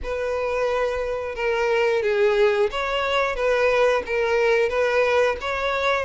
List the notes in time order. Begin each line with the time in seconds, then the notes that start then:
0.03 B4
1.35 A#4
2.02 G#4
2.71 C#5
3.35 B4
4.06 A#4
4.69 B4
5.40 C#5